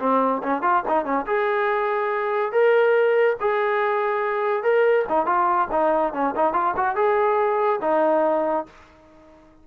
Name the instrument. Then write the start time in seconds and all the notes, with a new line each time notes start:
trombone
0.00 C4
0.43 C#4
0.62 F4
0.88 D#4
1.05 C#4
1.27 G#4
2.52 A#4
3.41 G#4
4.63 A#4
5.09 D#4
5.26 F4
5.71 D#4
6.14 C#4
6.36 D#4
6.53 F4
6.77 F#4
6.96 G#4
7.82 D#4